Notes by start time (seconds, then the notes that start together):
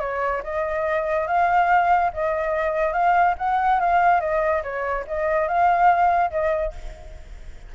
0.00 C#5
0.43 D#5
1.27 F5
2.13 D#5
2.93 F5
3.38 F#5
3.80 F5
4.20 D#5
4.63 C#5
5.07 D#5
5.48 F5
6.31 D#5